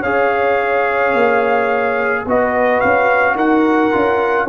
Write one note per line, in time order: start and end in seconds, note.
0.00 1.13 C#4
0.00 2.27 G#4
0.00 2.22 C#5
0.00 2.25 F5
1.13 2.24 A#3
2.26 2.81 B3
2.26 3.91 F#4
2.26 3.35 B4
2.26 2.80 D#5
2.80 3.34 C#4
2.80 3.36 F5
3.34 3.90 D#4
3.34 4.46 A#4
3.34 4.48 F#5
3.91 4.49 C#4
3.91 4.47 F4